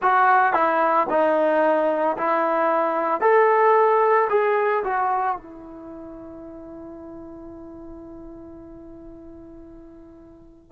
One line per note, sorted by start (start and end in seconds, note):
0.01 0.53 F#4
0.53 1.06 E4
1.10 2.17 D#4
2.17 3.20 E4
3.20 4.28 A4
4.29 4.83 G#4
4.84 5.36 F#4
5.36 10.71 E4